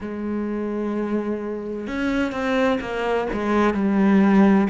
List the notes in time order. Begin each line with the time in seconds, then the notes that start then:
0.00 G#3
1.87 C#4
2.31 C4
2.80 A#3
3.32 G#3
3.74 G3